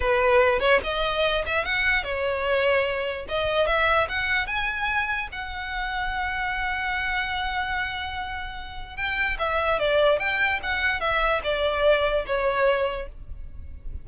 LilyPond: \new Staff \with { instrumentName = "violin" } { \time 4/4 \tempo 4 = 147 b'4. cis''8 dis''4. e''8 | fis''4 cis''2. | dis''4 e''4 fis''4 gis''4~ | gis''4 fis''2.~ |
fis''1~ | fis''2 g''4 e''4 | d''4 g''4 fis''4 e''4 | d''2 cis''2 | }